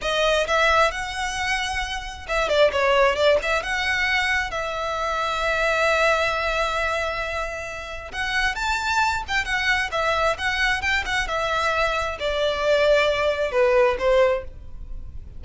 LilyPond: \new Staff \with { instrumentName = "violin" } { \time 4/4 \tempo 4 = 133 dis''4 e''4 fis''2~ | fis''4 e''8 d''8 cis''4 d''8 e''8 | fis''2 e''2~ | e''1~ |
e''2 fis''4 a''4~ | a''8 g''8 fis''4 e''4 fis''4 | g''8 fis''8 e''2 d''4~ | d''2 b'4 c''4 | }